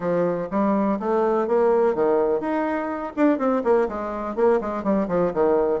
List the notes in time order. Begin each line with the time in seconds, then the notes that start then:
0.00 F3
0.50 G3
0.99 A3
1.47 A#3
1.94 D#3
2.40 D#4
3.16 D4
3.38 C4
3.64 A#3
3.88 G#3
4.35 A#3
4.61 G#3
4.83 G3
5.08 F3
5.33 D#3